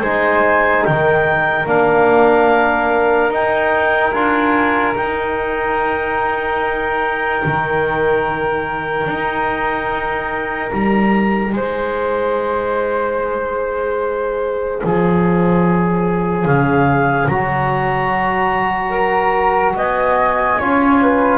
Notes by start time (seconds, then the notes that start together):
0.00 G#3 D#4 C5 G#5
0.84 D#3 A#4 G5
1.66 A#3 D4 F5
3.29 D#4 G5
4.12 D4 F4 G#5
4.95 D#4 G5
7.44 D#3
9.07 D#4
10.71 G3 A#5
11.53 G#3 C5 G#5
14.83 F3 G#4 C#5
16.45 C#3 F5
17.27 F#3 F#4 A#5
18.90 A#4
19.75 B3 D#5 G#5
20.59 C#4 F4 C#5
21.01 B4